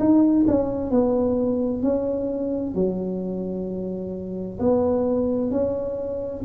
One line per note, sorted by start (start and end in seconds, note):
0.00 0.46 D#4
0.48 0.91 C#4
0.91 1.83 B3
1.83 2.75 C#4
2.75 4.59 F#3
4.60 5.51 B3
5.51 6.44 C#4